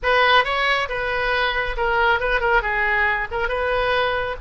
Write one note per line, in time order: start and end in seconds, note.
0.02 0.44 B4
0.44 0.88 C#5
0.88 1.76 B4
1.77 2.19 A#4
2.19 2.40 B4
2.40 2.62 A#4
2.62 3.27 G#4
3.31 3.48 A#4
3.48 4.36 B4